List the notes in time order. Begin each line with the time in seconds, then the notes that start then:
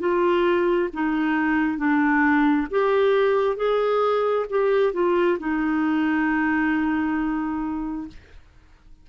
0.00 F4
0.94 D#4
1.78 D4
2.71 G4
3.57 G#4
4.50 G4
4.94 F4
5.39 D#4